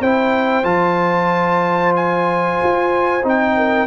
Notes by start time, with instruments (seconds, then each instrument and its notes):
0.00 tuba C4, trombone E4, horn C5, trumpet G5
0.63 tuba F3, trombone F4, trumpet A5
1.96 trumpet G#5
2.63 tuba F4
3.23 tuba C4, trombone D#4, trumpet G5
3.56 horn A#4